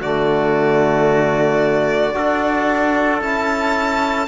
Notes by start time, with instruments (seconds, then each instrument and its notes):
0.00 cello D3, trombone A3, trumpet F#4, violin D5
2.13 cello D4, trombone F#4, trumpet A4
3.21 cello C#4, trombone E4, violin A5